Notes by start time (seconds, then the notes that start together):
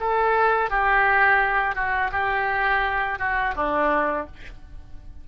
0.00 A4
0.70 G4
1.75 F#4
2.11 G4
3.19 F#4
3.55 D4